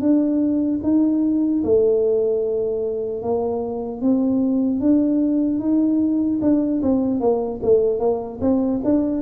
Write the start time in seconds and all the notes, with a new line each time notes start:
0.00 D4
0.83 D#4
1.64 A3
3.23 A#3
4.01 C4
4.80 D4
5.59 D#4
6.41 D4
6.82 C4
7.20 A#3
7.63 A3
7.99 A#3
8.41 C4
8.84 D4